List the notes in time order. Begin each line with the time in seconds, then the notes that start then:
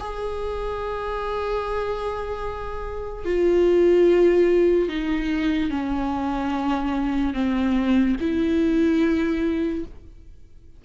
0.00 G#4
3.25 F4
4.89 D#4
5.70 C#4
7.34 C4
8.21 E4